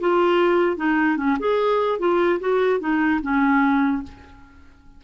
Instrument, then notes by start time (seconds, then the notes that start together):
clarinet
0.00 F4
0.76 D#4
1.17 C#4
1.39 G#4
1.99 F4
2.39 F#4
2.80 D#4
3.22 C#4